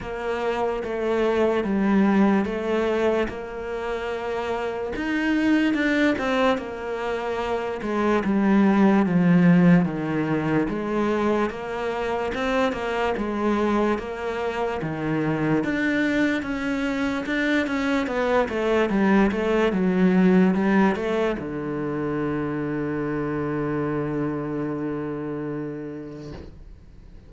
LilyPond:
\new Staff \with { instrumentName = "cello" } { \time 4/4 \tempo 4 = 73 ais4 a4 g4 a4 | ais2 dis'4 d'8 c'8 | ais4. gis8 g4 f4 | dis4 gis4 ais4 c'8 ais8 |
gis4 ais4 dis4 d'4 | cis'4 d'8 cis'8 b8 a8 g8 a8 | fis4 g8 a8 d2~ | d1 | }